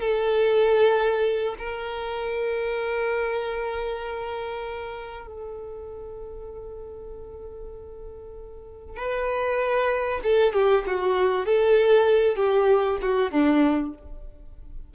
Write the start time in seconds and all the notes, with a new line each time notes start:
0.00 A4
1.58 A#4
5.26 A4
8.96 B4
10.23 A4
10.53 G4
10.87 F#4
11.45 A4
12.36 G4
13.01 F#4
13.31 D4